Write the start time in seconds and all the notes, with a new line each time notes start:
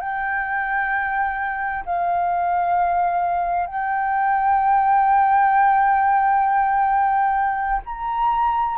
0.00 G5
1.85 F5
3.66 G5
7.85 A#5